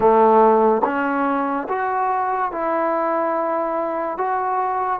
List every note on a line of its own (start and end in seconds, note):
0.00 0.81 A3
0.84 1.67 C#4
1.68 2.52 F#4
2.52 4.17 E4
4.17 5.00 F#4